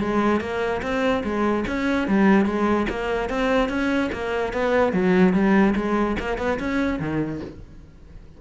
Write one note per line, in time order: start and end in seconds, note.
0.00 0.40 G#3
0.40 0.81 A#3
0.82 1.23 C4
1.23 1.64 G#3
1.67 2.07 C#4
2.07 2.45 G3
2.45 2.86 G#3
2.89 3.29 A#3
3.29 3.69 C4
3.69 4.10 C#4
4.12 4.53 A#3
4.53 4.92 B3
4.92 5.33 F#3
5.33 5.74 G3
5.75 6.16 G#3
6.19 6.38 A#3
6.38 6.58 B3
6.59 6.99 C#4
6.99 7.40 D#3